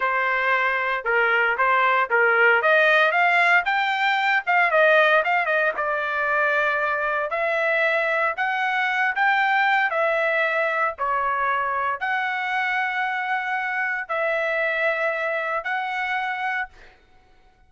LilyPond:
\new Staff \with { instrumentName = "trumpet" } { \time 4/4 \tempo 4 = 115 c''2 ais'4 c''4 | ais'4 dis''4 f''4 g''4~ | g''8 f''8 dis''4 f''8 dis''8 d''4~ | d''2 e''2 |
fis''4. g''4. e''4~ | e''4 cis''2 fis''4~ | fis''2. e''4~ | e''2 fis''2 | }